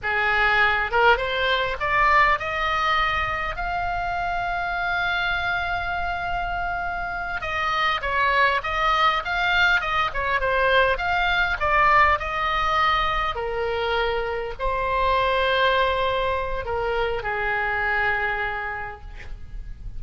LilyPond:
\new Staff \with { instrumentName = "oboe" } { \time 4/4 \tempo 4 = 101 gis'4. ais'8 c''4 d''4 | dis''2 f''2~ | f''1~ | f''8 dis''4 cis''4 dis''4 f''8~ |
f''8 dis''8 cis''8 c''4 f''4 d''8~ | d''8 dis''2 ais'4.~ | ais'8 c''2.~ c''8 | ais'4 gis'2. | }